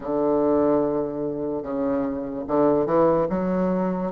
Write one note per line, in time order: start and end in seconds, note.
0.00 1.62 D3
1.62 2.44 C#3
2.47 2.86 D3
2.86 3.27 E3
3.29 4.11 F#3